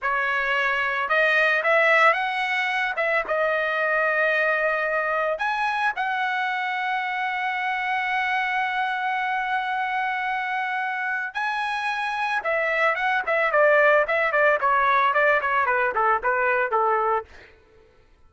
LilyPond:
\new Staff \with { instrumentName = "trumpet" } { \time 4/4 \tempo 4 = 111 cis''2 dis''4 e''4 | fis''4. e''8 dis''2~ | dis''2 gis''4 fis''4~ | fis''1~ |
fis''1~ | fis''4 gis''2 e''4 | fis''8 e''8 d''4 e''8 d''8 cis''4 | d''8 cis''8 b'8 a'8 b'4 a'4 | }